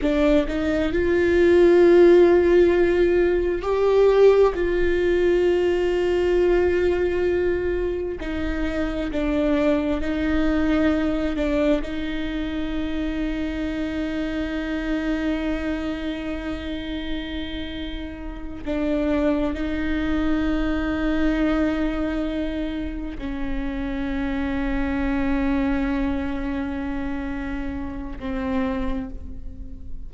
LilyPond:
\new Staff \with { instrumentName = "viola" } { \time 4/4 \tempo 4 = 66 d'8 dis'8 f'2. | g'4 f'2.~ | f'4 dis'4 d'4 dis'4~ | dis'8 d'8 dis'2.~ |
dis'1~ | dis'8 d'4 dis'2~ dis'8~ | dis'4. cis'2~ cis'8~ | cis'2. c'4 | }